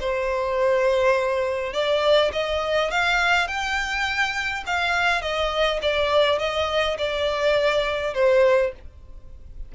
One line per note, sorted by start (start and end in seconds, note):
0.00 1.73 C5
1.73 2.31 D5
2.32 2.91 D#5
2.91 3.47 F5
3.47 4.64 G5
4.66 5.22 F5
5.22 5.80 D#5
5.82 6.39 D5
6.39 6.97 D#5
6.98 8.14 D5
8.14 8.72 C5